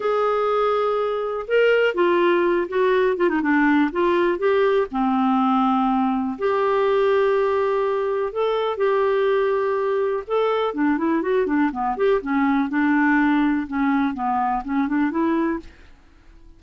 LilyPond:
\new Staff \with { instrumentName = "clarinet" } { \time 4/4 \tempo 4 = 123 gis'2. ais'4 | f'4. fis'4 f'16 dis'16 d'4 | f'4 g'4 c'2~ | c'4 g'2.~ |
g'4 a'4 g'2~ | g'4 a'4 d'8 e'8 fis'8 d'8 | b8 g'8 cis'4 d'2 | cis'4 b4 cis'8 d'8 e'4 | }